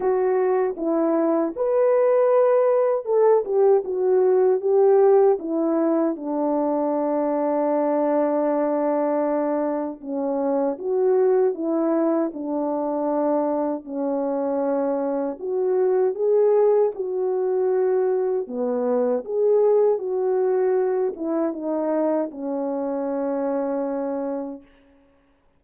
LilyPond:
\new Staff \with { instrumentName = "horn" } { \time 4/4 \tempo 4 = 78 fis'4 e'4 b'2 | a'8 g'8 fis'4 g'4 e'4 | d'1~ | d'4 cis'4 fis'4 e'4 |
d'2 cis'2 | fis'4 gis'4 fis'2 | b4 gis'4 fis'4. e'8 | dis'4 cis'2. | }